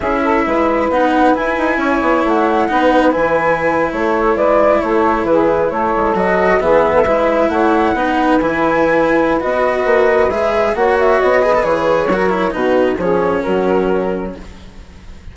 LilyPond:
<<
  \new Staff \with { instrumentName = "flute" } { \time 4/4 \tempo 4 = 134 e''2 fis''4 gis''4~ | gis''4 fis''2 gis''4~ | gis''8. cis''4 d''4 cis''4 b'16~ | b'8. cis''4 dis''4 e''4~ e''16~ |
e''8. fis''2 gis''4~ gis''16~ | gis''4 dis''2 e''4 | fis''8 e''8 dis''4 cis''2 | b'4 cis''4 ais'2 | }
  \new Staff \with { instrumentName = "saxophone" } { \time 4/4 gis'8 a'8 b'2. | cis''2 b'2~ | b'8. a'4 b'4 a'4 gis'16~ | gis'8. a'2 gis'8. a'16 b'16~ |
b'8. cis''4 b'2~ b'16~ | b'1 | cis''4. b'4. ais'4 | fis'4 gis'4 fis'2 | }
  \new Staff \with { instrumentName = "cello" } { \time 4/4 e'2 dis'4 e'4~ | e'2 dis'4 e'4~ | e'1~ | e'4.~ e'16 fis'4 b4 e'16~ |
e'4.~ e'16 dis'4 e'4~ e'16~ | e'4 fis'2 gis'4 | fis'4. gis'16 a'16 gis'4 fis'8 e'8 | dis'4 cis'2. | }
  \new Staff \with { instrumentName = "bassoon" } { \time 4/4 cis'4 gis4 b4 e'8 dis'8 | cis'8 b8 a4 b4 e4~ | e8. a4 gis4 a4 e16~ | e8. a8 gis8 fis4 e4 gis16~ |
gis8. a4 b4 e4~ e16~ | e4 b4 ais4 gis4 | ais4 b4 e4 fis4 | b,4 f4 fis2 | }
>>